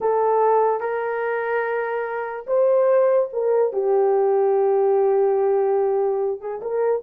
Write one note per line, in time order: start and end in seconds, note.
0.00 0.80 A4
0.80 2.45 A#4
2.46 3.29 C5
3.33 3.72 A#4
3.72 6.40 G4
6.40 6.61 G#4
6.61 7.03 A#4